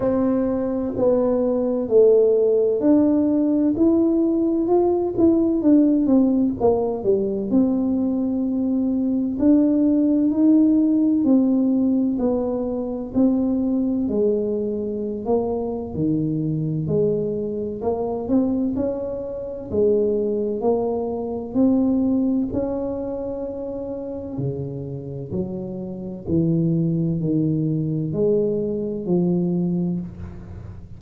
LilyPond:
\new Staff \with { instrumentName = "tuba" } { \time 4/4 \tempo 4 = 64 c'4 b4 a4 d'4 | e'4 f'8 e'8 d'8 c'8 ais8 g8 | c'2 d'4 dis'4 | c'4 b4 c'4 gis4~ |
gis16 ais8. dis4 gis4 ais8 c'8 | cis'4 gis4 ais4 c'4 | cis'2 cis4 fis4 | e4 dis4 gis4 f4 | }